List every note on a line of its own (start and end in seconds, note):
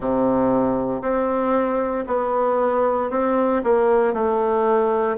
0.00 1.01 C3
1.01 2.05 C4
2.07 3.10 B3
3.10 3.62 C4
3.63 4.13 A#3
4.13 5.17 A3